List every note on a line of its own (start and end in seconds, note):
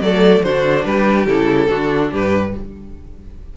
0.00 0.42 F#3
0.00 0.44 A3
0.00 0.45 A4
0.00 0.43 D5
0.43 0.85 D3
0.43 1.28 D4
0.43 0.86 F#4
0.43 0.84 C5
0.84 1.26 G3
0.84 1.69 G4
0.84 1.26 B4
1.26 1.68 C#3
1.26 1.67 E4
1.26 2.11 A4
1.67 2.12 D3
1.67 2.51 D4
1.67 2.11 F#4
2.12 2.54 G2
2.12 2.54 G4
2.12 2.57 B4